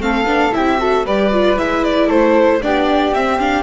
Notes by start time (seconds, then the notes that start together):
0.00 A3 C4 A4 F5
0.25 B3 D4
0.53 C4 E4 G4 E5
0.79 F#4 A4
1.06 G3 G4 B4 D5
1.33 F4
1.58 G#3 E4 E5
1.84 D5
2.08 A3 A4 C5
2.62 B3 D4 G4 D5
3.14 C4 E5
3.40 D4 F5